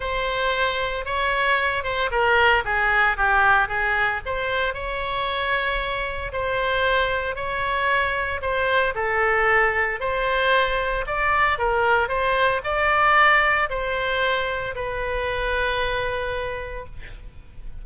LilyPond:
\new Staff \with { instrumentName = "oboe" } { \time 4/4 \tempo 4 = 114 c''2 cis''4. c''8 | ais'4 gis'4 g'4 gis'4 | c''4 cis''2. | c''2 cis''2 |
c''4 a'2 c''4~ | c''4 d''4 ais'4 c''4 | d''2 c''2 | b'1 | }